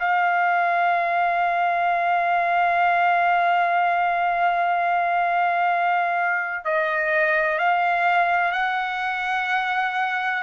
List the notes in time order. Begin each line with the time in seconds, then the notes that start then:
0.00 F5
6.65 D#5
7.59 F5
8.52 F#5